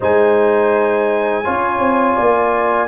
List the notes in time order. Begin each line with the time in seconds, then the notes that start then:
0.00 G#3 D#4 C5 G#5
1.44 C#4 F4 C#5
1.78 C4
2.15 A#3 D5